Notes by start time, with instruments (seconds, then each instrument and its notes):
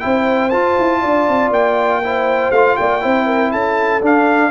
0.00 tuba C4, trombone E4, horn C5, trumpet G5
0.50 tuba F4, trombone F4, trumpet A5
0.79 tuba E4
1.01 tuba D4, horn D5
1.29 tuba C4
1.50 tuba A#3, trumpet G5
2.04 trombone E4, horn C5
2.52 tuba A3, trombone F4, trumpet F5
2.77 tuba A#3, horn D5, trumpet G5
3.01 tuba C4, trombone E4, horn C5
3.26 horn A#4
3.52 tuba C#4, horn A4, trumpet A5
4.02 trombone D4, tuba D4, trumpet F5